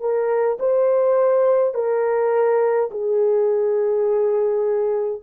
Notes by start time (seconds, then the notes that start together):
0.00 A#4
0.59 C5
1.74 A#4
2.91 G#4